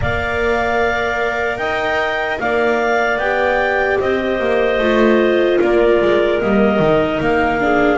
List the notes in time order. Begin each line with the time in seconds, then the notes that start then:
0.00 A#3 A#4 D5 F5
1.57 D#4 D#5 G5
2.39 A#3 D5 F5
3.18 B3 G4 G5
4.00 C4 C5 D#5
4.39 A#3
4.78 A3 F4
5.59 A#3 A#4 D5
6.01 G#3
6.40 G3 A#3 D#5
6.79 D#3 D#4
7.20 A#3 F5
7.60 D4 G#4